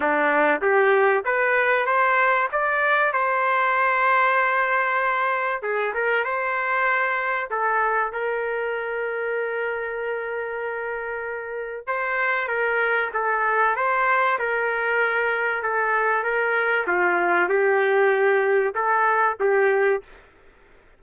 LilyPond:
\new Staff \with { instrumentName = "trumpet" } { \time 4/4 \tempo 4 = 96 d'4 g'4 b'4 c''4 | d''4 c''2.~ | c''4 gis'8 ais'8 c''2 | a'4 ais'2.~ |
ais'2. c''4 | ais'4 a'4 c''4 ais'4~ | ais'4 a'4 ais'4 f'4 | g'2 a'4 g'4 | }